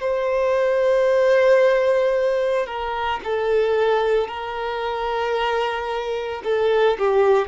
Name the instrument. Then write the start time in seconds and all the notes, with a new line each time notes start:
violin
0.00 C5
2.66 A#4
3.24 A4
4.27 A#4
6.43 A4
6.98 G4